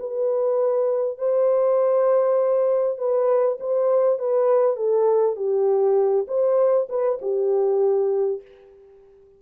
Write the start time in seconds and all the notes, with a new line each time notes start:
0.00 B4
1.18 C5
2.98 B4
3.60 C5
4.19 B4
4.76 A4
5.36 G4
6.28 C5
6.89 B4
7.22 G4